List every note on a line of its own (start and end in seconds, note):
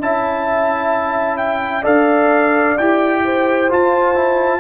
0.00 1.85 C#4
0.00 1.83 E4
0.00 1.82 E5
0.00 1.37 A5
1.37 1.84 G5
1.82 2.77 D4
1.82 2.76 A4
1.82 3.21 D5
1.82 2.78 F5
2.78 3.72 E4
2.78 3.69 G4
2.78 3.70 G5
3.24 4.60 C5
3.69 4.15 F4
3.69 4.60 F4
3.69 4.60 A5
4.15 4.60 E4